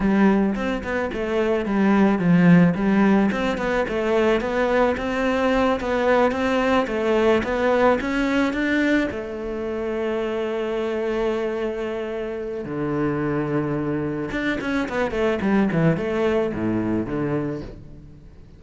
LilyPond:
\new Staff \with { instrumentName = "cello" } { \time 4/4 \tempo 4 = 109 g4 c'8 b8 a4 g4 | f4 g4 c'8 b8 a4 | b4 c'4. b4 c'8~ | c'8 a4 b4 cis'4 d'8~ |
d'8 a2.~ a8~ | a2. d4~ | d2 d'8 cis'8 b8 a8 | g8 e8 a4 a,4 d4 | }